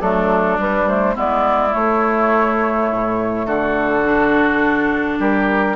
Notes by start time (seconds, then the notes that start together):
0.00 F#3 A3 D4 A4
0.57 G3 B4
0.88 A3 C5
1.15 G#3 B3 E4 D5
1.70 A3 C#5
2.91 A2
3.46 D3 F#4 A4
4.04 D4
5.19 G3 G4 A#4